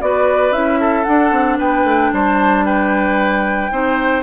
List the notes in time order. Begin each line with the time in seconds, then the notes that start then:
0.00 B3 F#4 B4 D5
0.51 C#4 E4 E5
0.80 A4
1.04 D4 F#5
1.31 C4
1.58 B3 B4 G5
1.84 A3
2.12 G3 C5 A5
2.65 B4 G5
3.71 C4 D#4 C5